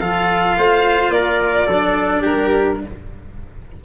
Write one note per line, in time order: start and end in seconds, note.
0.00 0.56 F3
0.00 1.68 F4
0.00 0.57 A4
0.00 1.11 F5
0.57 1.09 A3
0.57 1.14 C5
1.09 1.65 A#3
1.09 1.66 A#4
1.09 2.23 D5
1.66 2.24 F#3
1.66 2.84 D4
1.66 2.21 A4
2.21 2.81 G3
2.21 2.78 G4
2.21 2.80 A#4